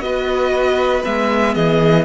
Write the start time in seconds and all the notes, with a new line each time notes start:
0.00 B3 F#4 B4 D#5
1.03 G#3 B3 E5
1.54 E3 G#4 D#5